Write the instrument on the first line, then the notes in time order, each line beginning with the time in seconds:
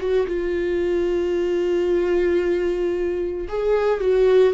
viola
0.00 F#4
0.27 F4
3.49 G#4
4.01 F#4